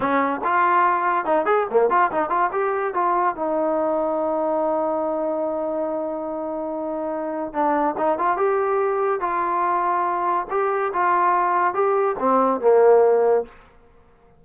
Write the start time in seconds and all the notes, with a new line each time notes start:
0.00 C#4
0.43 F4
1.25 D#4
1.45 G#4
1.70 A#3
1.90 F4
2.11 D#4
2.29 F4
2.52 G4
2.94 F4
3.35 D#4
7.53 D4
7.97 D#4
8.18 F4
8.36 G4
9.20 F4
10.50 G4
10.93 F4
11.74 G4
12.19 C4
12.60 A#3